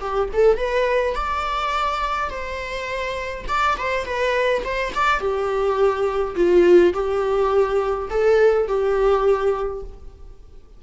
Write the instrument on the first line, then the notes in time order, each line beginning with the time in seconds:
viola
0.00 G4
0.33 A4
0.57 B4
1.15 D5
2.30 C5
3.48 D5
3.78 C5
4.05 B4
4.64 C5
4.95 D5
5.19 G4
6.35 F4
6.93 G4
8.10 A4
8.67 G4